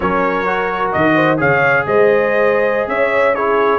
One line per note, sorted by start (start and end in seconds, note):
0.00 0.93 F#3
0.00 0.46 C#4
0.00 1.14 A#4
0.00 0.91 C#5
0.46 1.37 F#4
0.92 1.40 D#3
0.92 1.38 D#5
1.14 1.37 C5
1.37 1.86 C#3
1.37 3.33 G#4
1.37 1.84 C#5
1.37 1.86 F5
1.86 2.87 G#3
1.86 2.89 C5
1.86 2.88 D#5
2.87 3.78 C#4
2.87 3.35 C#5
2.87 3.34 E5
3.35 3.78 E4
3.35 3.78 G#4
3.35 3.78 C#5